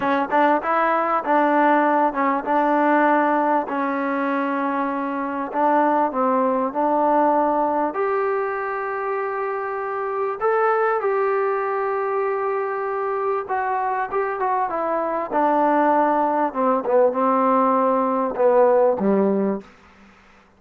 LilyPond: \new Staff \with { instrumentName = "trombone" } { \time 4/4 \tempo 4 = 98 cis'8 d'8 e'4 d'4. cis'8 | d'2 cis'2~ | cis'4 d'4 c'4 d'4~ | d'4 g'2.~ |
g'4 a'4 g'2~ | g'2 fis'4 g'8 fis'8 | e'4 d'2 c'8 b8 | c'2 b4 g4 | }